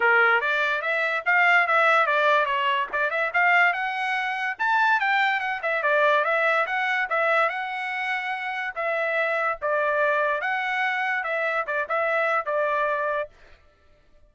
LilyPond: \new Staff \with { instrumentName = "trumpet" } { \time 4/4 \tempo 4 = 144 ais'4 d''4 e''4 f''4 | e''4 d''4 cis''4 d''8 e''8 | f''4 fis''2 a''4 | g''4 fis''8 e''8 d''4 e''4 |
fis''4 e''4 fis''2~ | fis''4 e''2 d''4~ | d''4 fis''2 e''4 | d''8 e''4. d''2 | }